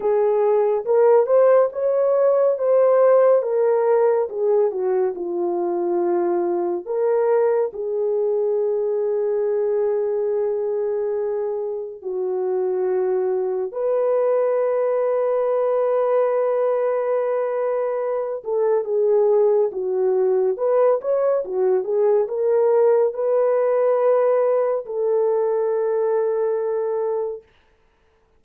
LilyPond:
\new Staff \with { instrumentName = "horn" } { \time 4/4 \tempo 4 = 70 gis'4 ais'8 c''8 cis''4 c''4 | ais'4 gis'8 fis'8 f'2 | ais'4 gis'2.~ | gis'2 fis'2 |
b'1~ | b'4. a'8 gis'4 fis'4 | b'8 cis''8 fis'8 gis'8 ais'4 b'4~ | b'4 a'2. | }